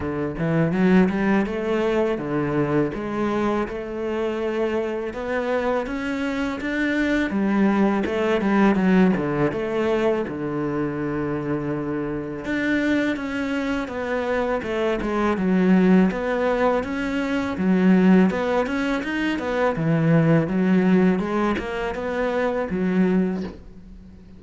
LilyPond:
\new Staff \with { instrumentName = "cello" } { \time 4/4 \tempo 4 = 82 d8 e8 fis8 g8 a4 d4 | gis4 a2 b4 | cis'4 d'4 g4 a8 g8 | fis8 d8 a4 d2~ |
d4 d'4 cis'4 b4 | a8 gis8 fis4 b4 cis'4 | fis4 b8 cis'8 dis'8 b8 e4 | fis4 gis8 ais8 b4 fis4 | }